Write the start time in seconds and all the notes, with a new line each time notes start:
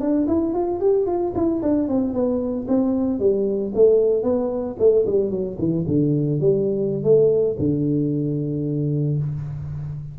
0.00 D4
0.28 E4
0.54 F4
0.80 G4
1.06 F4
1.35 E4
1.62 D4
1.88 C4
2.13 B3
2.68 C4
3.19 G3
3.75 A3
4.23 B3
4.79 A3
5.06 G3
5.30 F#3
5.58 E3
5.87 D3
6.40 G3
7.03 A3
7.59 D3